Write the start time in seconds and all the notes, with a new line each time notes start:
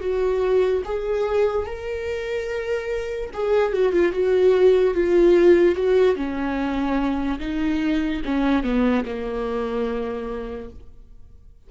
0.00 F#4
0.85 G#4
1.66 A#4
3.33 G#4
3.72 F#4
3.92 F4
4.12 F#4
4.94 F4
5.75 F#4
6.15 C#4
7.39 D#4
8.25 C#4
8.63 B3
9.05 A#3